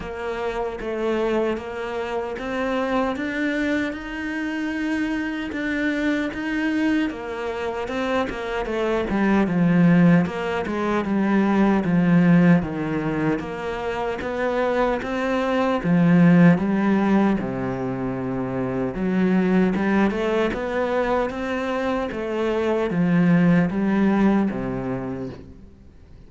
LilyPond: \new Staff \with { instrumentName = "cello" } { \time 4/4 \tempo 4 = 76 ais4 a4 ais4 c'4 | d'4 dis'2 d'4 | dis'4 ais4 c'8 ais8 a8 g8 | f4 ais8 gis8 g4 f4 |
dis4 ais4 b4 c'4 | f4 g4 c2 | fis4 g8 a8 b4 c'4 | a4 f4 g4 c4 | }